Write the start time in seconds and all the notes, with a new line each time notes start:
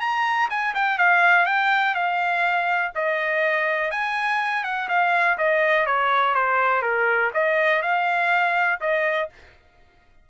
0.00 A#5
0.49 G#5
0.74 G5
0.98 F5
1.45 G5
1.94 F5
2.94 D#5
3.91 G#5
4.63 F#5
4.88 F5
5.37 D#5
5.86 C#5
6.34 C5
6.82 A#4
7.33 D#5
7.82 F5
8.80 D#5